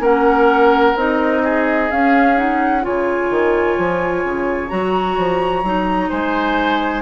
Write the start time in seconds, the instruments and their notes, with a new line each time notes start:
0.00 bassoon A#3, clarinet C#4, oboe A#4, flute F#5
0.96 bassoon C4, clarinet D#4, flute D#5
1.44 oboe G#4
1.91 clarinet C#4, bassoon C#4, flute F5
2.36 clarinet D#4, flute F#5
2.82 bassoon C#3, clarinet F4, oboe C#5, flute G#5
3.30 bassoon D#3
3.78 bassoon F3
4.24 bassoon C#3
4.69 bassoon F#3, clarinet F#4, flute A#5
5.18 bassoon F3
5.63 bassoon F#3, clarinet D#4
6.09 bassoon G#3, oboe C5, flute G#5